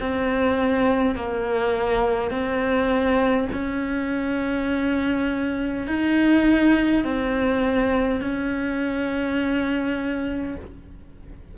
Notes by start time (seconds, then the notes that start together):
0.00 C4
1.16 A#3
2.30 C4
3.52 C#4
5.87 D#4
7.04 C4
8.21 C#4